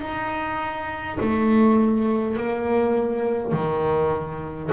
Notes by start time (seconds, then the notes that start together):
0.00 D#4
1.20 A3
2.36 A#3
3.52 D#3